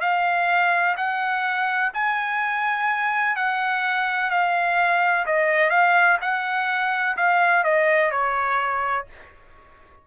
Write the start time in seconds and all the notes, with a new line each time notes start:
0.00 F5
0.97 F#5
1.94 G#5
3.35 F#5
4.30 F5
5.26 D#5
5.70 F5
6.21 F#5
7.16 F5
7.64 D#5
8.11 C#5